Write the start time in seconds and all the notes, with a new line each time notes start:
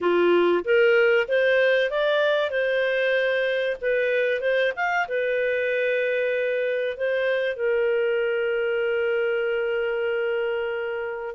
0.00 F4
0.64 A#4
1.28 C5
1.90 D5
2.50 C5
3.81 B4
4.40 C5
4.75 F5
5.08 B4
6.96 C5
7.56 A#4